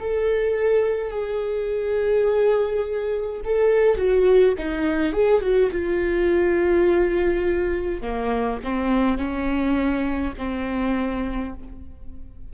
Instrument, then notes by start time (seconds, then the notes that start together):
viola
0.00 A4
1.10 G#4
3.45 A4
3.97 F#4
4.58 D#4
5.12 G#4
5.41 F#4
5.72 F4
8.01 A#3
8.64 C4
9.18 C#4
10.38 C4